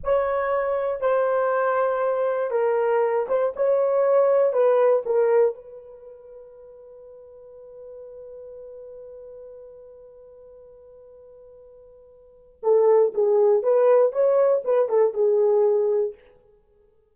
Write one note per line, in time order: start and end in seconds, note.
0.03 1.01 C#5
1.01 2.50 C5
2.50 3.26 A#4
3.28 3.53 C5
3.55 4.52 C#5
4.52 5.03 B4
5.05 5.54 A#4
5.54 12.60 B4
12.62 13.13 A4
13.14 13.62 G#4
13.62 14.12 B4
14.12 14.62 C#5
14.64 14.88 B4
14.88 15.13 A4
15.13 16.14 G#4